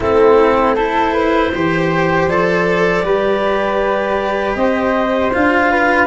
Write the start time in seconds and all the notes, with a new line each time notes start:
0.00 A3 C4 E4 A4
0.75 E4 A4 C5
1.13 B4
1.54 E3 G4 C5
2.27 F3 A4 D5
3.02 G3 G4 B4
4.55 C4 C5 D#5
5.33 D4 F4 F5
5.70 B4